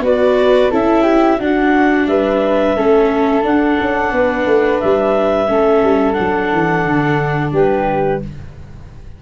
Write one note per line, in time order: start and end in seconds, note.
0.00 0.68 B3
0.00 0.71 F#4
0.00 0.71 B4
0.00 0.73 D5
0.71 1.39 C#4
0.71 1.39 E4
0.71 1.02 A4
0.71 1.42 E5
1.02 1.37 G4
1.38 2.07 D4
1.38 2.77 D4
1.38 2.06 F#4
1.38 2.07 F#5
2.07 2.75 G3
2.07 2.76 B4
2.07 3.44 E5
2.76 3.44 A3
2.76 3.42 C#4
2.76 4.12 A4
3.42 5.46 D4
3.42 3.78 D4
3.42 4.80 F#5
3.81 4.12 C#4
4.12 4.46 B3
4.12 5.50 B4
4.46 4.80 A3
4.80 5.49 G3
4.80 6.13 E5
5.48 5.83 A3
5.48 6.14 C#4
5.48 7.54 A4
5.83 6.17 G3
6.13 6.53 F#3
6.13 8.18 D4
6.13 7.50 F#5
6.53 6.85 E3
6.85 7.52 D3
7.52 8.20 G3
7.52 8.22 G4
7.52 8.22 B4